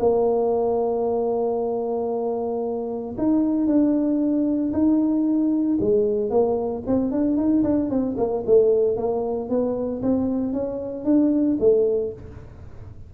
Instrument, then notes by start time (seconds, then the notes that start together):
tuba
0.00 A#3
3.18 D#4
3.67 D4
4.73 D#4
5.81 G#3
6.30 A#3
6.87 C4
7.11 D4
7.37 D#4
7.64 D4
7.90 C4
8.17 A#3
8.46 A3
8.97 A#3
9.50 B3
10.02 C4
10.53 C#4
11.05 D4
11.60 A3